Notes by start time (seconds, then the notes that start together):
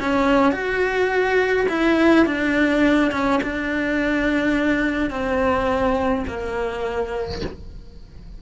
0.00 C#4
0.53 F#4
1.69 E4
2.26 D4
3.12 C#4
3.43 D4
5.11 C4
6.28 A#3